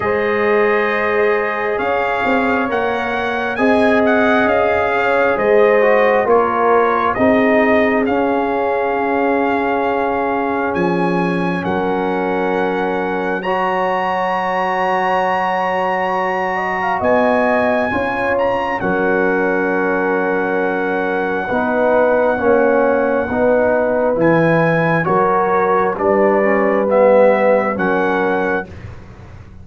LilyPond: <<
  \new Staff \with { instrumentName = "trumpet" } { \time 4/4 \tempo 4 = 67 dis''2 f''4 fis''4 | gis''8 fis''8 f''4 dis''4 cis''4 | dis''4 f''2. | gis''4 fis''2 ais''4~ |
ais''2. gis''4~ | gis''8 ais''8 fis''2.~ | fis''2. gis''4 | cis''4 d''4 e''4 fis''4 | }
  \new Staff \with { instrumentName = "horn" } { \time 4/4 c''2 cis''2 | dis''4. cis''8 c''4 ais'4 | gis'1~ | gis'4 ais'2 cis''4~ |
cis''2~ cis''8 dis''16 f''16 dis''4 | cis''4 ais'2. | b'4 cis''4 b'2 | ais'4 b'2 ais'4 | }
  \new Staff \with { instrumentName = "trombone" } { \time 4/4 gis'2. ais'4 | gis'2~ gis'8 fis'8 f'4 | dis'4 cis'2.~ | cis'2. fis'4~ |
fis'1 | f'4 cis'2. | dis'4 cis'4 dis'4 e'4 | fis'4 d'8 cis'8 b4 cis'4 | }
  \new Staff \with { instrumentName = "tuba" } { \time 4/4 gis2 cis'8 c'8 ais4 | c'4 cis'4 gis4 ais4 | c'4 cis'2. | f4 fis2.~ |
fis2. b4 | cis'4 fis2. | b4 ais4 b4 e4 | fis4 g2 fis4 | }
>>